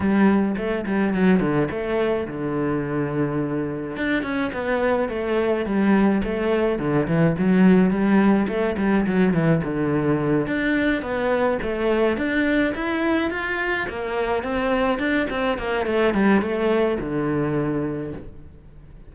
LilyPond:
\new Staff \with { instrumentName = "cello" } { \time 4/4 \tempo 4 = 106 g4 a8 g8 fis8 d8 a4 | d2. d'8 cis'8 | b4 a4 g4 a4 | d8 e8 fis4 g4 a8 g8 |
fis8 e8 d4. d'4 b8~ | b8 a4 d'4 e'4 f'8~ | f'8 ais4 c'4 d'8 c'8 ais8 | a8 g8 a4 d2 | }